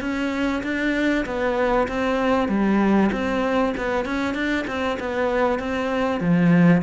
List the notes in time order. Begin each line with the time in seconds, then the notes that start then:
0.00 C#4
0.63 D4
1.25 B3
1.88 C4
2.48 G3
3.12 C4
3.77 B3
4.05 C#4
4.34 D4
4.67 C4
4.99 B3
5.59 C4
6.20 F3